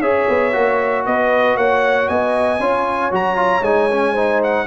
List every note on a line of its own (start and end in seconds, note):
0.00 0.26 C#4
0.00 0.53 G#4
0.00 1.05 C#5
0.00 1.05 E5
0.29 0.55 B3
0.53 1.06 A#3
0.53 2.59 F#4
1.06 1.57 B3
1.06 1.58 B4
1.06 1.57 D#5
1.57 2.08 A#3
1.57 2.09 C#5
1.57 2.09 F#5
2.09 2.60 B3
2.09 2.61 D#5
2.09 3.12 G#5
2.60 3.12 C#4
2.60 3.12 F4
2.60 4.13 C#5
3.12 3.61 F#3
3.12 3.36 F#4
3.12 3.64 A#5
3.36 3.62 F4
3.61 4.65 G#3
3.61 3.91 D#4
3.61 4.42 G#5
3.92 4.16 C#4
4.13 4.67 D#4
4.13 4.65 C5
4.44 4.67 F#5